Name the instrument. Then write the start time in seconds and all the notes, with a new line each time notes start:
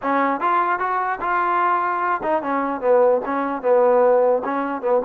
trombone
0.02 C#4
0.40 F4
0.79 F#4
1.20 F4
2.23 D#4
2.42 C#4
2.80 B3
3.25 C#4
3.61 B3
4.44 C#4
4.81 B3